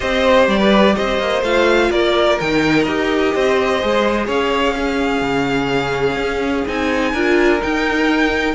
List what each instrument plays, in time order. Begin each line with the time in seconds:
0.00 cello C4, viola G4, violin C5 D#5
0.47 cello G3, violin D5
0.58 violin B4
0.95 cello C4, violin C5 D#5
1.19 cello A#3
1.42 cello A3, viola F4, violin F5
1.90 cello A#3, violin A#4 D5
2.39 cello D#3, viola D#4, violin G5
2.83 cello D#4, viola G4, violin D#5
3.34 cello C4, violin C5
3.81 cello G#3, viola G#4
4.26 cello C#4, violin C#5 F5
4.75 viola C#4, violin G#4
5.21 cello C#3
6.16 cello C#4
6.67 cello C4, viola D#4, violin G#5
7.12 cello D4, viola F4, violin A#4
7.59 viola D#4, cello D#4, violin G5